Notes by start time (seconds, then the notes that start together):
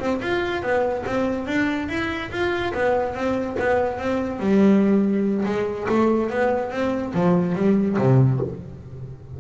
0.00 C4
0.22 F4
0.63 B3
1.06 C4
1.47 D4
1.89 E4
2.32 F4
2.74 B3
3.15 C4
3.60 B3
3.99 C4
4.40 G3
5.46 G#3
5.89 A3
6.31 B3
6.71 C4
7.15 F3
7.56 G3
7.99 C3